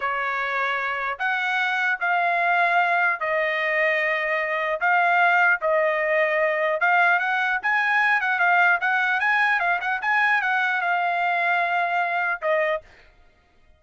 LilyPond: \new Staff \with { instrumentName = "trumpet" } { \time 4/4 \tempo 4 = 150 cis''2. fis''4~ | fis''4 f''2. | dis''1 | f''2 dis''2~ |
dis''4 f''4 fis''4 gis''4~ | gis''8 fis''8 f''4 fis''4 gis''4 | f''8 fis''8 gis''4 fis''4 f''4~ | f''2. dis''4 | }